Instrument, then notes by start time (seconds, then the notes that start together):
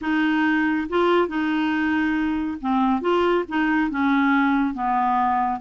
clarinet
0.01 D#4
0.89 F4
1.28 D#4
2.60 C4
3.01 F4
3.48 D#4
3.90 C#4
4.74 B3